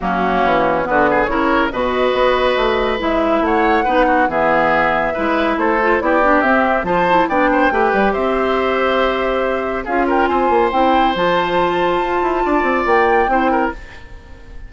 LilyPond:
<<
  \new Staff \with { instrumentName = "flute" } { \time 4/4 \tempo 4 = 140 fis'2 b'4 cis''4 | dis''2. e''4 | fis''2 e''2~ | e''4 c''4 d''4 e''4 |
a''4 g''2 e''4~ | e''2. f''8 g''8 | gis''4 g''4 a''2~ | a''2 g''2 | }
  \new Staff \with { instrumentName = "oboe" } { \time 4/4 cis'2 fis'8 gis'8 ais'4 | b'1 | cis''4 b'8 fis'8 gis'2 | b'4 a'4 g'2 |
c''4 d''8 c''8 b'4 c''4~ | c''2. gis'8 ais'8 | c''1~ | c''4 d''2 c''8 ais'8 | }
  \new Staff \with { instrumentName = "clarinet" } { \time 4/4 ais2 b4 e'4 | fis'2. e'4~ | e'4 dis'4 b2 | e'4. f'8 e'8 d'8 c'4 |
f'8 e'8 d'4 g'2~ | g'2. f'4~ | f'4 e'4 f'2~ | f'2. e'4 | }
  \new Staff \with { instrumentName = "bassoon" } { \time 4/4 fis4 e4 d4 cis4 | b,4 b4 a4 gis4 | a4 b4 e2 | gis4 a4 b4 c'4 |
f4 b4 a8 g8 c'4~ | c'2. cis'4 | c'8 ais8 c'4 f2 | f'8 e'8 d'8 c'8 ais4 c'4 | }
>>